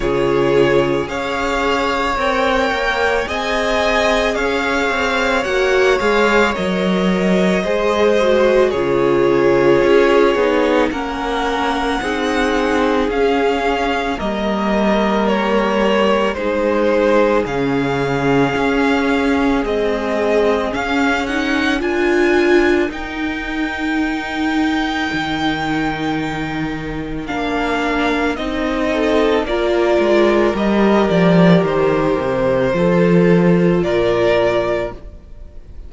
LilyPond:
<<
  \new Staff \with { instrumentName = "violin" } { \time 4/4 \tempo 4 = 55 cis''4 f''4 g''4 gis''4 | f''4 fis''8 f''8 dis''2 | cis''2 fis''2 | f''4 dis''4 cis''4 c''4 |
f''2 dis''4 f''8 fis''8 | gis''4 g''2.~ | g''4 f''4 dis''4 d''4 | dis''8 d''8 c''2 d''4 | }
  \new Staff \with { instrumentName = "violin" } { \time 4/4 gis'4 cis''2 dis''4 | cis''2. c''4 | gis'2 ais'4 gis'4~ | gis'4 ais'2 gis'4~ |
gis'1 | ais'1~ | ais'2~ ais'8 a'8 ais'4~ | ais'2 a'4 ais'4 | }
  \new Staff \with { instrumentName = "viola" } { \time 4/4 f'4 gis'4 ais'4 gis'4~ | gis'4 fis'8 gis'8 ais'4 gis'8 fis'8 | f'4. dis'8 cis'4 dis'4 | cis'4 ais2 dis'4 |
cis'2 gis4 cis'8 dis'8 | f'4 dis'2.~ | dis'4 d'4 dis'4 f'4 | g'2 f'2 | }
  \new Staff \with { instrumentName = "cello" } { \time 4/4 cis4 cis'4 c'8 ais8 c'4 | cis'8 c'8 ais8 gis8 fis4 gis4 | cis4 cis'8 b8 ais4 c'4 | cis'4 g2 gis4 |
cis4 cis'4 c'4 cis'4 | d'4 dis'2 dis4~ | dis4 ais4 c'4 ais8 gis8 | g8 f8 dis8 c8 f4 ais,4 | }
>>